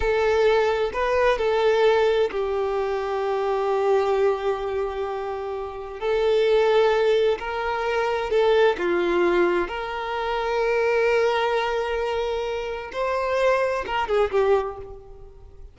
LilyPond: \new Staff \with { instrumentName = "violin" } { \time 4/4 \tempo 4 = 130 a'2 b'4 a'4~ | a'4 g'2.~ | g'1~ | g'4 a'2. |
ais'2 a'4 f'4~ | f'4 ais'2.~ | ais'1 | c''2 ais'8 gis'8 g'4 | }